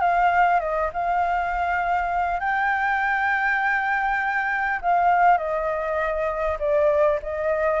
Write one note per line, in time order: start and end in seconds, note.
0.00 0.60 F5
0.60 0.90 D#5
0.93 2.40 F5
2.40 4.80 G5
4.81 5.37 F5
5.37 6.57 D#5
6.59 7.19 D5
7.22 7.80 D#5